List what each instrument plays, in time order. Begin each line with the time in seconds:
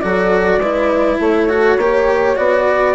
0.00 bassoon F#3, cello F#4, horn A4, flute D5
0.59 bassoon G#3, cello E4, horn B4
1.19 bassoon A3, horn A4, flute C#5
1.49 cello F#4
1.77 bassoon A#3, cello G4, horn C#5
2.36 bassoon B3, cello F#4, flute D5
2.67 horn B4